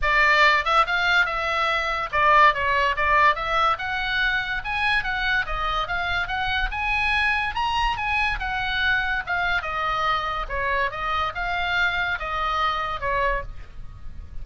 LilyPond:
\new Staff \with { instrumentName = "oboe" } { \time 4/4 \tempo 4 = 143 d''4. e''8 f''4 e''4~ | e''4 d''4 cis''4 d''4 | e''4 fis''2 gis''4 | fis''4 dis''4 f''4 fis''4 |
gis''2 ais''4 gis''4 | fis''2 f''4 dis''4~ | dis''4 cis''4 dis''4 f''4~ | f''4 dis''2 cis''4 | }